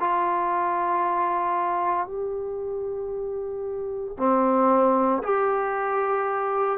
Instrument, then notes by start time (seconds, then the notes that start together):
trombone
0.00 F4
2.07 G4
4.18 C4
5.23 G4